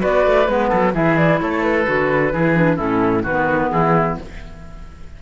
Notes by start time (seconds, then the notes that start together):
0.00 B3 F#4 B4 D5
0.27 A3
0.47 G#3 B3 B4
0.69 F#3 A4
0.95 E3 E4 G#4 E5
1.17 D5
1.41 A3 A4 C#5
1.63 B4
1.86 D3 F#4
2.33 E3 E4 G#4
2.56 D4
2.77 A2 C#4 E4 A4
3.23 D#3 F#4 B4
3.30 B3
3.71 E3 E4 G#4